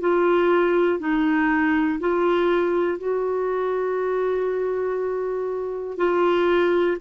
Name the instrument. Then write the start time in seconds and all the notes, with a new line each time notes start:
clarinet
0.00 F4
0.99 D#4
2.00 F4
2.98 F#4
5.97 F4